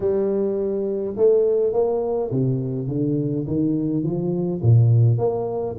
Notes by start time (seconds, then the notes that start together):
0.00 G3
1.16 A3
1.73 A#3
2.31 C3
2.88 D3
3.47 D#3
4.03 F3
4.62 A#2
5.18 A#3